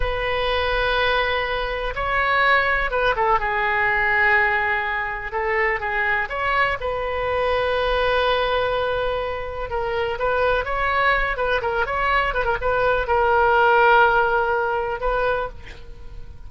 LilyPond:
\new Staff \with { instrumentName = "oboe" } { \time 4/4 \tempo 4 = 124 b'1 | cis''2 b'8 a'8 gis'4~ | gis'2. a'4 | gis'4 cis''4 b'2~ |
b'1 | ais'4 b'4 cis''4. b'8 | ais'8 cis''4 b'16 ais'16 b'4 ais'4~ | ais'2. b'4 | }